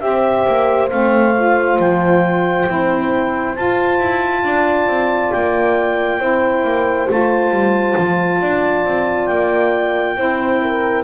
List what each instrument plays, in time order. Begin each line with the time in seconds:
0.00 double bass C4, saxophone G4, clarinet E5
0.06 horn C5
0.47 double bass A#3
0.90 double bass A3, saxophone C4, clarinet F5
1.36 saxophone F4
1.79 double bass F3, clarinet G5
2.67 double bass C4, saxophone E4
3.56 saxophone F4, double bass F4, clarinet A5
4.00 double bass E4
4.44 double bass D4, horn D5
4.87 double bass C4
5.32 double bass A#3, clarinet G5
6.19 double bass C4, saxophone E4, horn C5
6.64 double bass A#3
7.08 double bass A3, saxophone F4, clarinet A5
7.51 double bass G3
7.97 double bass F3
8.41 double bass D4, horn D5
8.85 double bass C4
9.27 double bass A#3, clarinet G5
10.16 double bass C4, saxophone E4, horn C5
10.62 horn A#4